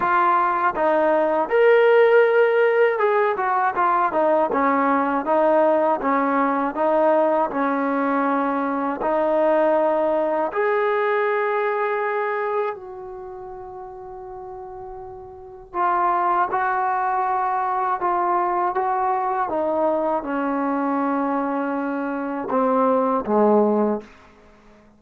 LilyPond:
\new Staff \with { instrumentName = "trombone" } { \time 4/4 \tempo 4 = 80 f'4 dis'4 ais'2 | gis'8 fis'8 f'8 dis'8 cis'4 dis'4 | cis'4 dis'4 cis'2 | dis'2 gis'2~ |
gis'4 fis'2.~ | fis'4 f'4 fis'2 | f'4 fis'4 dis'4 cis'4~ | cis'2 c'4 gis4 | }